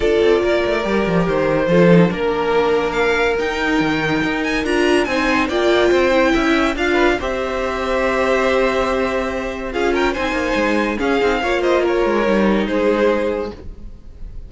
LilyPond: <<
  \new Staff \with { instrumentName = "violin" } { \time 4/4 \tempo 4 = 142 d''2. c''4~ | c''4 ais'2 f''4 | g''2~ g''8 gis''8 ais''4 | gis''4 g''2. |
f''4 e''2.~ | e''2. f''8 g''8 | gis''2 f''4. dis''8 | cis''2 c''2 | }
  \new Staff \with { instrumentName = "violin" } { \time 4/4 a'4 ais'2. | a'4 ais'2.~ | ais'1 | c''4 d''4 c''4 e''4 |
f''8 b'8 c''2.~ | c''2. gis'8 ais'8 | c''2 gis'4 cis''8 c''8 | ais'2 gis'2 | }
  \new Staff \with { instrumentName = "viola" } { \time 4/4 f'2 g'2 | f'8 dis'8 d'2. | dis'2. f'4 | dis'4 f'4. e'4. |
f'4 g'2.~ | g'2. f'4 | dis'2 cis'8 dis'8 f'4~ | f'4 dis'2. | }
  \new Staff \with { instrumentName = "cello" } { \time 4/4 d'8 c'8 ais8 a8 g8 f8 dis4 | f4 ais2. | dis'4 dis4 dis'4 d'4 | c'4 ais4 c'4 cis'4 |
d'4 c'2.~ | c'2. cis'4 | c'8 ais8 gis4 cis'8 c'8 ais4~ | ais8 gis8 g4 gis2 | }
>>